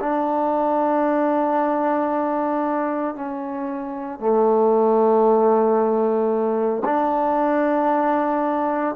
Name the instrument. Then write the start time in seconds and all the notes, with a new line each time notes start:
trombone
0.00 D4
3.15 C#4
4.20 A3
6.85 D4